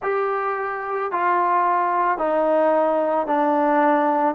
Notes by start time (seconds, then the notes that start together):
0.02 G4
1.12 F4
2.18 D#4
3.27 D4